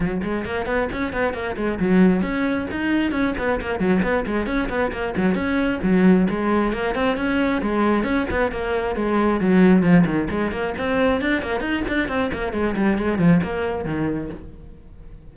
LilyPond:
\new Staff \with { instrumentName = "cello" } { \time 4/4 \tempo 4 = 134 fis8 gis8 ais8 b8 cis'8 b8 ais8 gis8 | fis4 cis'4 dis'4 cis'8 b8 | ais8 fis8 b8 gis8 cis'8 b8 ais8 fis8 | cis'4 fis4 gis4 ais8 c'8 |
cis'4 gis4 cis'8 b8 ais4 | gis4 fis4 f8 dis8 gis8 ais8 | c'4 d'8 ais8 dis'8 d'8 c'8 ais8 | gis8 g8 gis8 f8 ais4 dis4 | }